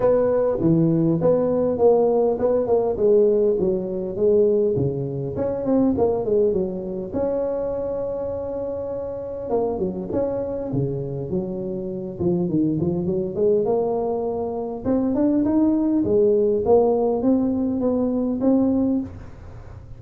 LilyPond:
\new Staff \with { instrumentName = "tuba" } { \time 4/4 \tempo 4 = 101 b4 e4 b4 ais4 | b8 ais8 gis4 fis4 gis4 | cis4 cis'8 c'8 ais8 gis8 fis4 | cis'1 |
ais8 fis8 cis'4 cis4 fis4~ | fis8 f8 dis8 f8 fis8 gis8 ais4~ | ais4 c'8 d'8 dis'4 gis4 | ais4 c'4 b4 c'4 | }